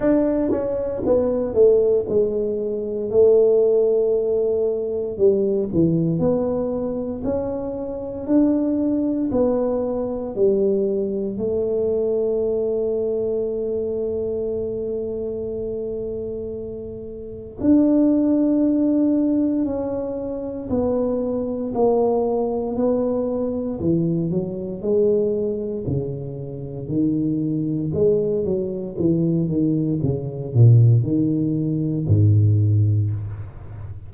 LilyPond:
\new Staff \with { instrumentName = "tuba" } { \time 4/4 \tempo 4 = 58 d'8 cis'8 b8 a8 gis4 a4~ | a4 g8 e8 b4 cis'4 | d'4 b4 g4 a4~ | a1~ |
a4 d'2 cis'4 | b4 ais4 b4 e8 fis8 | gis4 cis4 dis4 gis8 fis8 | e8 dis8 cis8 ais,8 dis4 gis,4 | }